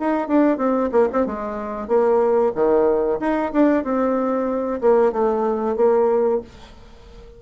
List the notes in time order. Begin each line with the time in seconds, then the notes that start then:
0.00 D#4
0.28 D4
0.57 C4
0.92 A#3
1.13 C4
1.26 G#3
1.88 A#3
2.55 D#3
3.20 D#4
3.52 D4
3.84 C4
4.81 A#3
5.12 A3
5.76 A#3